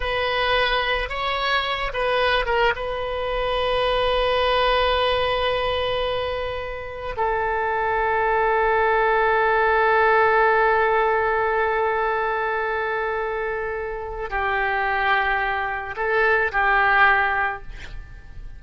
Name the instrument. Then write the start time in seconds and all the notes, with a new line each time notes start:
oboe
0.00 B4
1.09 C#5
1.93 B4
2.45 A#4
2.75 B4
7.16 A4
14.30 G4
15.96 A4
16.52 G4